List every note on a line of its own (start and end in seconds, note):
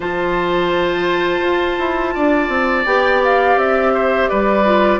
0.00 1.40 F3
0.00 2.86 F4
0.00 2.14 C5
0.00 2.86 A5
1.40 1.76 F4
1.78 2.14 E4
2.14 2.48 D4
2.14 3.93 D5
2.48 2.84 C4
2.85 3.56 B3
2.85 4.65 G4
2.85 3.21 G5
3.23 3.58 F5
3.56 4.27 C4
3.56 4.28 E5
3.93 4.29 C5
4.28 4.99 G3
4.28 4.99 B4
4.28 4.99 D5
4.65 4.99 F4